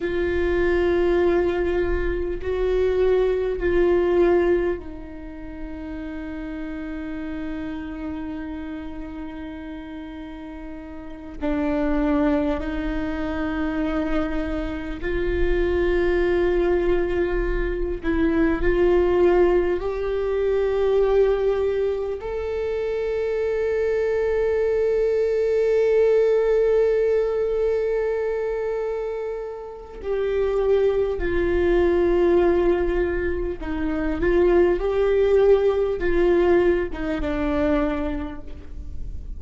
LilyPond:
\new Staff \with { instrumentName = "viola" } { \time 4/4 \tempo 4 = 50 f'2 fis'4 f'4 | dis'1~ | dis'4. d'4 dis'4.~ | dis'8 f'2~ f'8 e'8 f'8~ |
f'8 g'2 a'4.~ | a'1~ | a'4 g'4 f'2 | dis'8 f'8 g'4 f'8. dis'16 d'4 | }